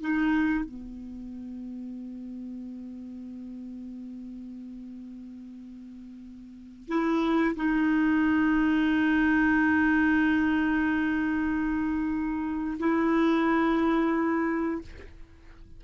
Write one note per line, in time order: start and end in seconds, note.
0.00 0.64 D#4
0.64 6.88 B3
6.88 7.55 E4
7.55 12.78 D#4
12.79 14.81 E4